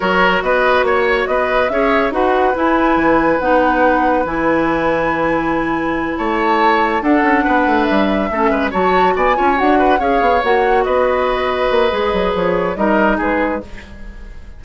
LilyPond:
<<
  \new Staff \with { instrumentName = "flute" } { \time 4/4 \tempo 4 = 141 cis''4 dis''4 cis''4 dis''4 | e''4 fis''4 gis''2 | fis''2 gis''2~ | gis''2~ gis''8 a''4.~ |
a''8 fis''2 e''4.~ | e''8 a''4 gis''4 fis''4 f''8~ | f''8 fis''4 dis''2~ dis''8~ | dis''4 cis''4 dis''4 b'4 | }
  \new Staff \with { instrumentName = "oboe" } { \time 4/4 ais'4 b'4 cis''4 b'4 | cis''4 b'2.~ | b'1~ | b'2~ b'8 cis''4.~ |
cis''8 a'4 b'2 a'8 | b'8 cis''4 d''8 cis''4 b'8 cis''8~ | cis''4. b'2~ b'8~ | b'2 ais'4 gis'4 | }
  \new Staff \with { instrumentName = "clarinet" } { \time 4/4 fis'1 | gis'4 fis'4 e'2 | dis'2 e'2~ | e'1~ |
e'8 d'2. cis'8~ | cis'8 fis'4. f'8 fis'4 gis'8~ | gis'8 fis'2.~ fis'8 | gis'2 dis'2 | }
  \new Staff \with { instrumentName = "bassoon" } { \time 4/4 fis4 b4 ais4 b4 | cis'4 dis'4 e'4 e4 | b2 e2~ | e2~ e8 a4.~ |
a8 d'8 cis'8 b8 a8 g4 a8 | gis8 fis4 b8 cis'8 d'4 cis'8 | b8 ais4 b2 ais8 | gis8 fis8 f4 g4 gis4 | }
>>